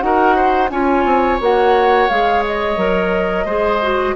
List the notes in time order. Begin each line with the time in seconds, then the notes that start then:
0.00 D#4 F#4 A#4 F#5
0.36 C5
0.71 C#4 F4 C#5 G#5
1.05 C4
1.41 A#3 F#4 F#5
2.09 G#3 G#4 F5
2.46 D#5
2.77 F#3 A#4
3.45 G#3 G#4 C5
3.82 F#4